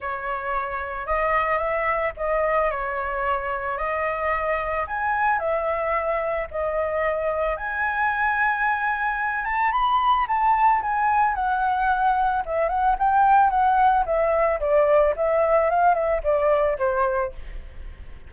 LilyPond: \new Staff \with { instrumentName = "flute" } { \time 4/4 \tempo 4 = 111 cis''2 dis''4 e''4 | dis''4 cis''2 dis''4~ | dis''4 gis''4 e''2 | dis''2 gis''2~ |
gis''4. a''8 b''4 a''4 | gis''4 fis''2 e''8 fis''8 | g''4 fis''4 e''4 d''4 | e''4 f''8 e''8 d''4 c''4 | }